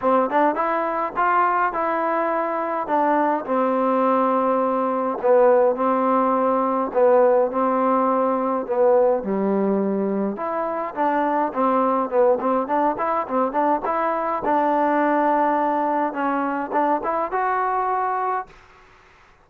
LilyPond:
\new Staff \with { instrumentName = "trombone" } { \time 4/4 \tempo 4 = 104 c'8 d'8 e'4 f'4 e'4~ | e'4 d'4 c'2~ | c'4 b4 c'2 | b4 c'2 b4 |
g2 e'4 d'4 | c'4 b8 c'8 d'8 e'8 c'8 d'8 | e'4 d'2. | cis'4 d'8 e'8 fis'2 | }